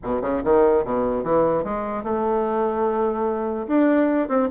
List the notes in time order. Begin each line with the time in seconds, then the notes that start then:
0.03 B2
0.21 C#3
0.43 D#3
0.84 B2
1.23 E3
1.63 G#3
2.03 A3
3.67 D4
4.28 C4